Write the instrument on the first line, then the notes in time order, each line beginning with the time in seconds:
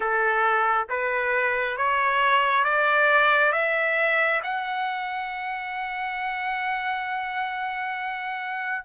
trumpet
0.00 A4
0.89 B4
1.76 C#5
2.64 D5
3.52 E5
4.43 F#5